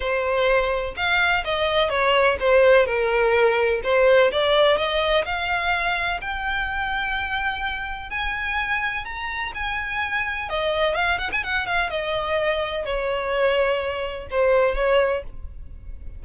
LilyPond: \new Staff \with { instrumentName = "violin" } { \time 4/4 \tempo 4 = 126 c''2 f''4 dis''4 | cis''4 c''4 ais'2 | c''4 d''4 dis''4 f''4~ | f''4 g''2.~ |
g''4 gis''2 ais''4 | gis''2 dis''4 f''8 fis''16 gis''16 | fis''8 f''8 dis''2 cis''4~ | cis''2 c''4 cis''4 | }